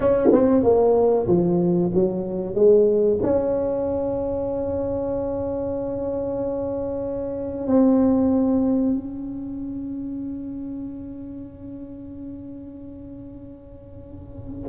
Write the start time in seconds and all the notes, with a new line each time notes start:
0.00 C#4
0.32 C4
0.63 A#3
1.27 F3
1.94 F#3
2.54 G#3
3.22 C#4
7.67 C4
8.94 C#4